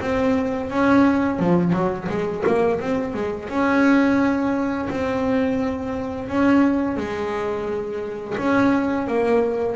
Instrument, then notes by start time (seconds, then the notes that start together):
double bass
0.00 C4
0.69 C#4
1.39 F3
1.73 F#3
2.09 G#3
2.46 A#3
2.80 C4
3.14 G#3
3.49 C#4
4.90 C4
6.28 C#4
6.96 G#3
8.38 C#4
9.07 A#3